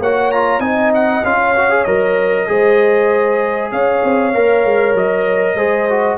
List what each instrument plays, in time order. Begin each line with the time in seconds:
0.00 tuba A#3, trombone F#4, horn C#5, trumpet F#5
0.32 trombone F4, trumpet A#5
0.59 tuba C4, trombone D#4, horn D#5, trumpet G#5
0.94 trumpet F#5
1.24 tuba C#4, trombone F4, trumpet F5
1.41 horn C#5
1.57 trombone F#4
1.70 trombone G#4
1.84 tuba F#3, trombone A#4, trumpet D#5
2.48 tuba G#3, trombone G#4, horn C5
3.72 tuba C#4, horn C#5, trumpet F5
4.04 tuba C4
4.35 tuba A#3, trombone A#4
4.64 tuba G#3
4.95 tuba F#3, trumpet D#5
5.55 tuba G#3, trombone G#4, horn C5
5.90 trombone F#4